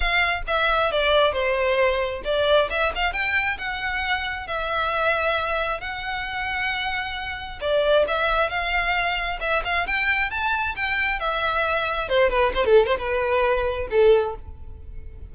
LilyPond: \new Staff \with { instrumentName = "violin" } { \time 4/4 \tempo 4 = 134 f''4 e''4 d''4 c''4~ | c''4 d''4 e''8 f''8 g''4 | fis''2 e''2~ | e''4 fis''2.~ |
fis''4 d''4 e''4 f''4~ | f''4 e''8 f''8 g''4 a''4 | g''4 e''2 c''8 b'8 | c''16 a'8 c''16 b'2 a'4 | }